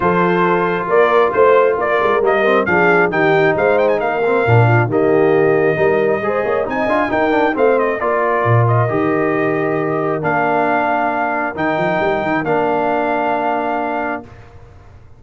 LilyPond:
<<
  \new Staff \with { instrumentName = "trumpet" } { \time 4/4 \tempo 4 = 135 c''2 d''4 c''4 | d''4 dis''4 f''4 g''4 | f''8 g''16 gis''16 f''2 dis''4~ | dis''2. gis''4 |
g''4 f''8 dis''8 d''4. dis''8~ | dis''2. f''4~ | f''2 g''2 | f''1 | }
  \new Staff \with { instrumentName = "horn" } { \time 4/4 a'2 ais'4 c''4 | ais'2 gis'4 g'4 | c''4 ais'4. f'8 g'4~ | g'4 ais'4 c''8 cis''8 dis''4 |
ais'4 c''4 ais'2~ | ais'1~ | ais'1~ | ais'1 | }
  \new Staff \with { instrumentName = "trombone" } { \time 4/4 f'1~ | f'4 ais8 c'8 d'4 dis'4~ | dis'4. c'8 d'4 ais4~ | ais4 dis'4 gis'4 dis'8 f'8 |
dis'8 d'8 c'4 f'2 | g'2. d'4~ | d'2 dis'2 | d'1 | }
  \new Staff \with { instrumentName = "tuba" } { \time 4/4 f2 ais4 a4 | ais8 gis8 g4 f4 dis4 | gis4 ais4 ais,4 dis4~ | dis4 g4 gis8 ais8 c'8 d'8 |
dis'4 a4 ais4 ais,4 | dis2. ais4~ | ais2 dis8 f8 g8 dis8 | ais1 | }
>>